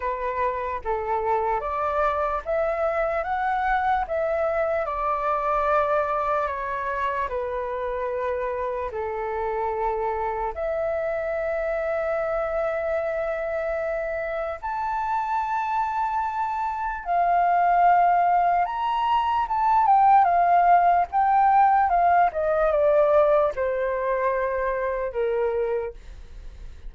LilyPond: \new Staff \with { instrumentName = "flute" } { \time 4/4 \tempo 4 = 74 b'4 a'4 d''4 e''4 | fis''4 e''4 d''2 | cis''4 b'2 a'4~ | a'4 e''2.~ |
e''2 a''2~ | a''4 f''2 ais''4 | a''8 g''8 f''4 g''4 f''8 dis''8 | d''4 c''2 ais'4 | }